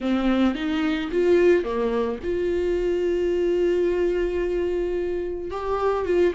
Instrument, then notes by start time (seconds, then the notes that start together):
viola
0.00 C4
0.55 D#4
1.11 F4
1.64 A#3
2.23 F4
5.50 G4
6.05 F4